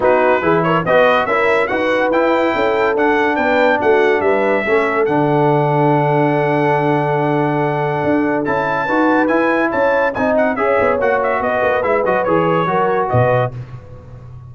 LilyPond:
<<
  \new Staff \with { instrumentName = "trumpet" } { \time 4/4 \tempo 4 = 142 b'4. cis''8 dis''4 e''4 | fis''4 g''2 fis''4 | g''4 fis''4 e''2 | fis''1~ |
fis''1 | a''2 gis''4 a''4 | gis''8 fis''8 e''4 fis''8 e''8 dis''4 | e''8 dis''8 cis''2 dis''4 | }
  \new Staff \with { instrumentName = "horn" } { \time 4/4 fis'4 gis'8 ais'8 b'4 ais'4 | b'2 a'2 | b'4 fis'4 b'4 a'4~ | a'1~ |
a'1~ | a'4 b'2 cis''4 | dis''4 cis''2 b'4~ | b'2 ais'4 b'4 | }
  \new Staff \with { instrumentName = "trombone" } { \time 4/4 dis'4 e'4 fis'4 e'4 | fis'4 e'2 d'4~ | d'2. cis'4 | d'1~ |
d'1 | e'4 fis'4 e'2 | dis'4 gis'4 fis'2 | e'8 fis'8 gis'4 fis'2 | }
  \new Staff \with { instrumentName = "tuba" } { \time 4/4 b4 e4 b4 cis'4 | dis'4 e'4 cis'4 d'4 | b4 a4 g4 a4 | d1~ |
d2. d'4 | cis'4 dis'4 e'4 cis'4 | c'4 cis'8 b8 ais4 b8 ais8 | gis8 fis8 e4 fis4 b,4 | }
>>